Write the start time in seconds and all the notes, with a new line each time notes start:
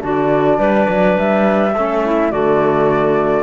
0.00 D3 D4 F#4 D5
0.57 G3 B4
0.88 F#3
1.17 G3 E5
1.75 A3 C#4 A4
2.05 E4
2.31 D3 A3 F#4 D5